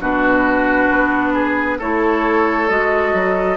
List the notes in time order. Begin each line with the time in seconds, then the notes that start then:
0.00 B2 D4 F#4 B4
0.90 B3
1.34 G#4
1.79 A3 E4 A4 C#5
2.69 G#3 F#4 D#5
3.14 F#3